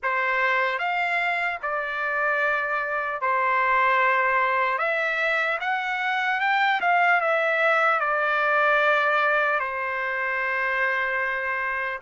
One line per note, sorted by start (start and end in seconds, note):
0.02 0.79 C5
0.79 1.59 F5
1.62 3.21 D5
3.21 4.78 C5
4.78 5.58 E5
5.60 6.40 F#5
6.40 6.80 G5
6.80 7.20 F5
7.20 8.00 E5
8.00 9.59 D5
9.59 11.99 C5